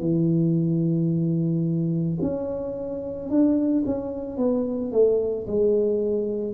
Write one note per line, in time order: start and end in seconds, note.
0.00 2.18 E3
2.22 3.30 C#4
3.30 3.84 D4
3.86 4.37 C#4
4.37 4.92 B3
4.92 5.46 A3
5.47 6.54 G#3